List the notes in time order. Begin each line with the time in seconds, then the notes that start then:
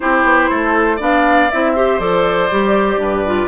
0.00 C4 E4 G4 C5
0.23 B3
0.50 A3 A4
0.96 B3 D4 D5 F5
1.50 C4 E4 E5
1.75 G4 C5
1.99 F3 A4 D5
2.51 G3 G4
2.96 G2 B4
3.26 F4